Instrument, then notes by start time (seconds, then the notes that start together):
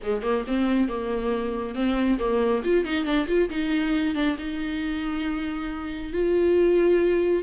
viola
0.02 G#3
0.22 A#3
0.47 C4
0.88 A#3
1.74 C4
2.19 A#3
2.64 F4
2.84 D#4
3.04 D4
3.27 F4
3.49 D#4
4.15 D4
4.38 D#4
6.12 F4